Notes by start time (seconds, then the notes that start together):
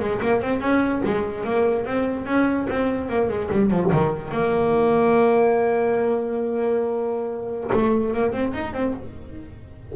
0.00 G#3
0.22 A#3
0.42 C4
0.61 C#4
1.05 G#3
1.44 A#3
1.86 C4
2.26 C#4
2.70 C4
3.09 A#3
3.29 G#3
3.52 G3
3.71 F3
3.92 D#3
4.31 A#3
7.73 A3
8.14 A#3
8.32 C4
8.54 D#4
8.73 C4